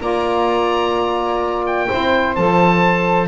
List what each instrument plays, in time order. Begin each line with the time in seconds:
0.00 double bass A#3, saxophone F4 D5, oboe A#5
1.66 oboe G5
1.88 saxophone E4 C5
1.94 double bass C4
2.35 double bass F3, saxophone A4, oboe A5